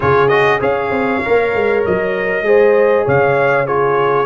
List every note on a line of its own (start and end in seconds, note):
0.00 0.61 C#3
0.00 0.28 F4
0.00 0.60 G#4
0.00 0.28 C#5
0.28 0.60 F#4
0.28 0.59 D#5
0.60 0.90 C#4
0.60 1.21 G#4
0.60 2.44 C#5
0.60 1.84 F5
0.90 1.21 C4
1.24 1.54 A#3
1.24 2.44 A#4
1.54 1.84 G#3
1.85 2.42 F#3
1.85 3.07 D#5
2.42 3.03 G#3
2.42 3.66 G#4
2.42 3.05 C5
3.05 4.25 C#3
3.05 3.66 C#5
3.05 3.66 F5
3.66 4.25 F4
3.66 4.25 G#4
3.66 4.25 C#5